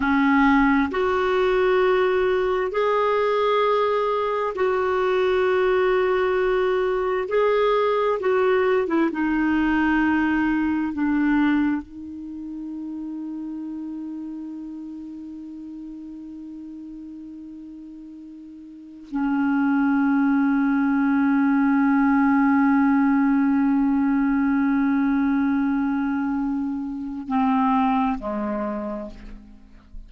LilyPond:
\new Staff \with { instrumentName = "clarinet" } { \time 4/4 \tempo 4 = 66 cis'4 fis'2 gis'4~ | gis'4 fis'2. | gis'4 fis'8. e'16 dis'2 | d'4 dis'2.~ |
dis'1~ | dis'4 cis'2.~ | cis'1~ | cis'2 c'4 gis4 | }